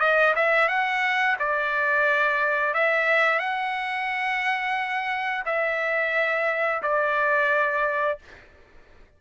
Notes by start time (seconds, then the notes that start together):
0.00 D#5
0.36 E5
0.68 F#5
1.39 D5
2.74 E5
3.39 F#5
5.45 E5
6.82 D5